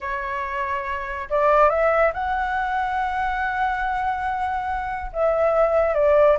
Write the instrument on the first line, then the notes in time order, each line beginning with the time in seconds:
flute
0.00 C#5
1.30 D5
1.69 E5
2.13 F#5
5.12 E5
5.94 D5